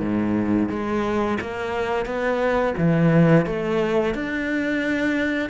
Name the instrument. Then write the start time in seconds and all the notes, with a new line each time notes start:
cello
0.00 G#2
0.69 G#3
1.41 A#3
2.05 B3
2.78 E3
3.46 A3
4.14 D4